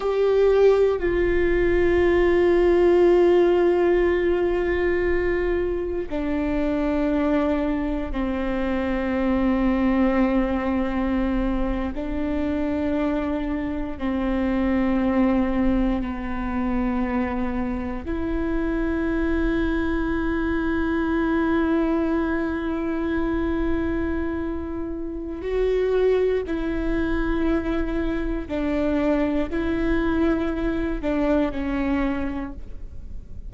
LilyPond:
\new Staff \with { instrumentName = "viola" } { \time 4/4 \tempo 4 = 59 g'4 f'2.~ | f'2 d'2 | c'2.~ c'8. d'16~ | d'4.~ d'16 c'2 b16~ |
b4.~ b16 e'2~ e'16~ | e'1~ | e'4 fis'4 e'2 | d'4 e'4. d'8 cis'4 | }